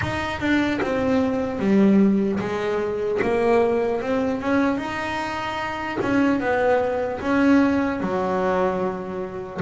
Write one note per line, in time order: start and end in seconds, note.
0.01 0.40 D#4
0.40 0.80 D4
0.81 1.59 C4
1.59 2.39 G3
2.39 3.19 G#3
3.21 4.01 A#3
4.01 4.41 C4
4.41 4.77 C#4
4.77 5.97 D#4
6.01 6.40 C#4
6.40 7.20 B3
7.20 8.00 C#4
8.00 9.60 F#3